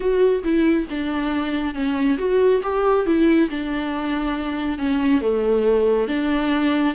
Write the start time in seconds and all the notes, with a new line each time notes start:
0.00 F#4
0.43 E4
0.90 D4
1.74 C#4
2.18 F#4
2.62 G4
3.06 E4
3.49 D4
4.78 C#4
5.21 A3
6.08 D4